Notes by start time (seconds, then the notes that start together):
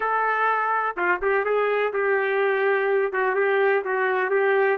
0.00 A4
0.96 F4
1.21 G4
1.44 G#4
1.93 G4
3.12 F#4
3.35 G4
3.84 F#4
4.30 G4